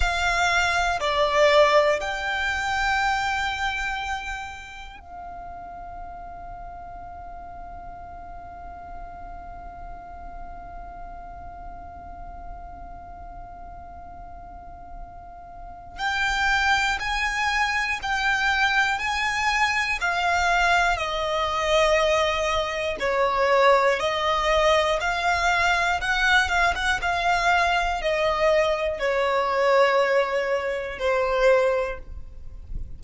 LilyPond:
\new Staff \with { instrumentName = "violin" } { \time 4/4 \tempo 4 = 60 f''4 d''4 g''2~ | g''4 f''2.~ | f''1~ | f''1 |
g''4 gis''4 g''4 gis''4 | f''4 dis''2 cis''4 | dis''4 f''4 fis''8 f''16 fis''16 f''4 | dis''4 cis''2 c''4 | }